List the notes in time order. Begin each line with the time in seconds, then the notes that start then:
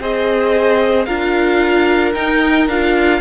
0.00 C4 G#4 C5 D#5
1.06 D4 F4 A#4 F5
2.14 D#4 G5
2.67 D4 F4 F5